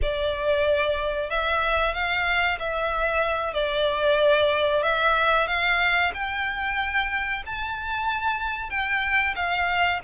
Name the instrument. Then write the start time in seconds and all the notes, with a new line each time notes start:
violin
0.02 D5
1.30 E5
1.94 F5
2.59 E5
3.53 D5
4.82 E5
5.47 F5
6.13 G5
7.45 A5
8.69 G5
9.35 F5